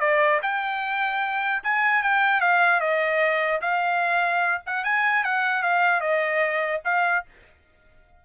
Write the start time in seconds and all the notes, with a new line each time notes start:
0.00 D5
0.42 G5
1.63 G#5
2.03 G5
2.41 F5
2.80 D#5
3.61 F5
4.66 F#5
4.84 G#5
5.24 F#5
5.63 F5
6.01 D#5
6.85 F5